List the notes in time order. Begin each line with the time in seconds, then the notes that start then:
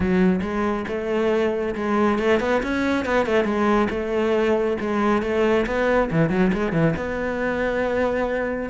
0.00 F#3
0.41 G#3
0.88 A3
1.75 G#3
2.18 A3
2.40 B3
2.62 C#4
3.05 B3
3.25 A3
3.44 G#3
3.90 A3
4.80 G#3
5.22 A3
5.66 B3
6.11 E3
6.29 F#3
6.52 G#3
6.72 E3
6.96 B3